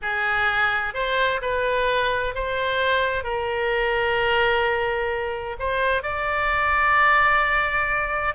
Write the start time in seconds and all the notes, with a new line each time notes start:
0.01 G#4
0.94 C5
1.41 B4
2.34 C5
3.23 A#4
5.59 C5
6.02 D5